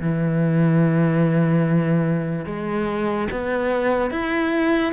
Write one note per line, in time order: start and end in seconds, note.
0.00 2.46 E3
2.46 3.28 G#3
3.31 4.11 B3
4.11 4.93 E4